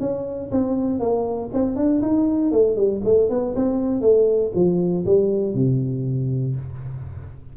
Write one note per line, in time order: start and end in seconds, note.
0.00 0.50 C#4
0.51 1.00 C4
1.00 1.50 A#3
1.53 1.76 C4
1.76 2.01 D4
2.02 2.52 D#4
2.52 2.76 A3
2.76 3.01 G3
3.04 3.30 A3
3.30 3.55 B3
3.56 4.01 C4
4.01 4.52 A3
4.55 5.05 F3
5.06 5.54 G3
5.54 6.55 C3